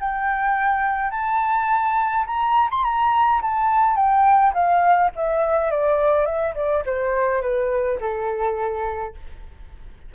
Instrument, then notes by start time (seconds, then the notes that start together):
flute
0.00 G5
1.11 A5
2.26 A#5
2.71 C6
2.84 A#5
3.42 A5
3.96 G5
4.54 F5
5.16 E5
5.71 D5
6.25 E5
6.55 D5
6.86 C5
7.42 B4
8.00 A4